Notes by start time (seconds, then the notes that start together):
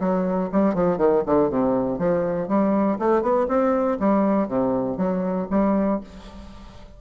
0.00 F#3
0.52 G3
0.75 F3
0.98 D#3
1.26 D3
1.50 C3
1.99 F3
2.48 G3
2.99 A3
3.22 B3
3.48 C4
4.00 G3
4.48 C3
4.97 F#3
5.51 G3